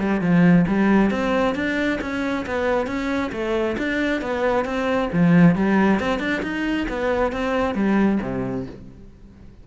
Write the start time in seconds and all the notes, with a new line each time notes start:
0.00 G3
0.21 F3
0.68 G3
1.11 C4
1.56 D4
2.01 C#4
2.46 B3
2.87 C#4
3.33 A3
3.78 D4
4.22 B3
4.65 C4
5.13 F3
5.56 G3
6.00 C4
6.20 D4
6.43 D#4
6.89 B3
7.33 C4
7.75 G3
8.22 C3